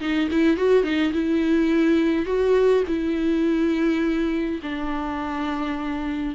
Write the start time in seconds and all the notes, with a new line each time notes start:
0.00 D#4
0.31 E4
0.57 F#4
0.83 D#4
1.13 E4
2.26 F#4
2.87 E4
4.63 D4